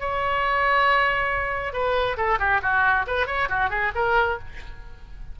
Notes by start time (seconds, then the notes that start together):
0.00 C#5
1.73 B4
2.17 A4
2.39 G4
2.62 F#4
3.07 B4
3.26 C#5
3.49 F#4
3.70 G#4
3.95 A#4